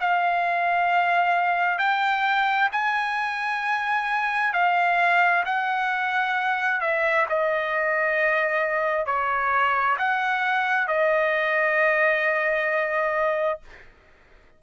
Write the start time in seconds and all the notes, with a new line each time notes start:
0.00 F5
1.78 G5
2.71 G#5
4.53 F5
5.45 F#5
6.80 E5
7.29 D#5
9.05 C#5
9.98 F#5
10.87 D#5